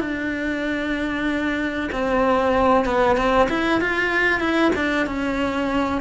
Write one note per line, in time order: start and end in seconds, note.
0.00 1.89 D4
1.91 2.85 C4
2.85 3.16 B3
3.16 3.48 C4
3.49 3.80 E4
3.81 4.40 F4
4.40 4.71 E4
4.75 5.06 D4
5.06 6.01 C#4